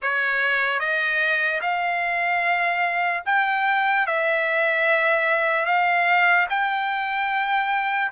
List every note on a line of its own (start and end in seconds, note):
0.01 0.79 C#5
0.79 1.60 D#5
1.61 3.23 F5
3.25 4.06 G5
4.07 5.65 E5
5.65 6.46 F5
6.49 8.11 G5